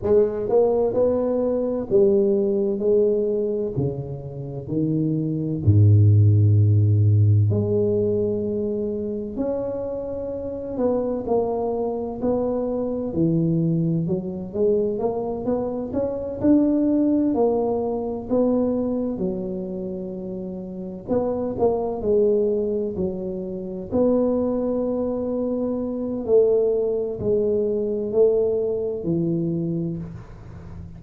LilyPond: \new Staff \with { instrumentName = "tuba" } { \time 4/4 \tempo 4 = 64 gis8 ais8 b4 g4 gis4 | cis4 dis4 gis,2 | gis2 cis'4. b8 | ais4 b4 e4 fis8 gis8 |
ais8 b8 cis'8 d'4 ais4 b8~ | b8 fis2 b8 ais8 gis8~ | gis8 fis4 b2~ b8 | a4 gis4 a4 e4 | }